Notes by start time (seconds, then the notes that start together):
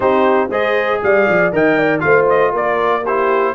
0.00 C4 D#4 G4 C5
0.49 G#3 G#4 C5 D#5
1.02 G3 D5 F5
1.28 F3
1.52 D#3 A#4 D#5 G5
1.77 D5
1.99 A3 F4 C5 F5
2.29 D#5
2.51 A#3 A#4 D5
3.03 E4 G4 C5